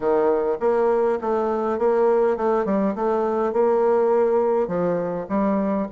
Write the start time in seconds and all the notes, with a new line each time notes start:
0.00 D#3
0.59 A#3
1.21 A3
1.78 A#3
2.37 A3
2.65 G3
2.95 A3
3.52 A#3
4.67 F3
5.28 G3